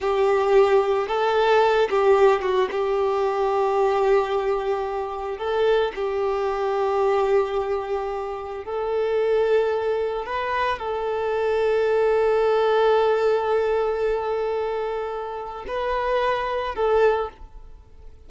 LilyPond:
\new Staff \with { instrumentName = "violin" } { \time 4/4 \tempo 4 = 111 g'2 a'4. g'8~ | g'8 fis'8 g'2.~ | g'2 a'4 g'4~ | g'1 |
a'2. b'4 | a'1~ | a'1~ | a'4 b'2 a'4 | }